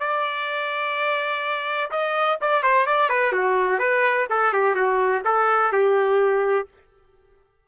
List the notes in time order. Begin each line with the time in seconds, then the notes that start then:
0.00 D5
1.91 D#5
2.41 D5
2.63 C5
2.86 D5
3.10 B4
3.32 F#4
3.79 B4
4.30 A4
4.53 G4
4.75 F#4
5.25 A4
5.72 G4